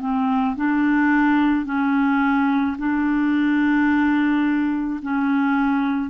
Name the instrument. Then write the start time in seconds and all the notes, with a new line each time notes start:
clarinet
0.00 C4
0.56 D4
1.66 C#4
2.78 D4
5.03 C#4